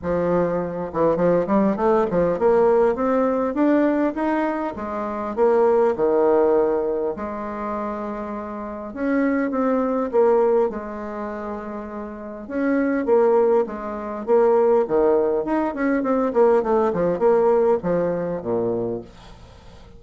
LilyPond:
\new Staff \with { instrumentName = "bassoon" } { \time 4/4 \tempo 4 = 101 f4. e8 f8 g8 a8 f8 | ais4 c'4 d'4 dis'4 | gis4 ais4 dis2 | gis2. cis'4 |
c'4 ais4 gis2~ | gis4 cis'4 ais4 gis4 | ais4 dis4 dis'8 cis'8 c'8 ais8 | a8 f8 ais4 f4 ais,4 | }